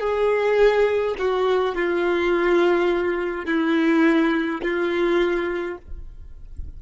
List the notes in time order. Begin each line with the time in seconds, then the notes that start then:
0.00 G#4
1.19 F#4
1.75 F4
3.46 E4
4.62 F4